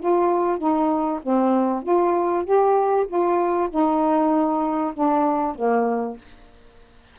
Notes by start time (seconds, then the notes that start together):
0.00 F4
0.58 D#4
1.23 C4
1.83 F4
2.45 G4
3.08 F4
3.70 D#4
4.94 D4
5.56 A#3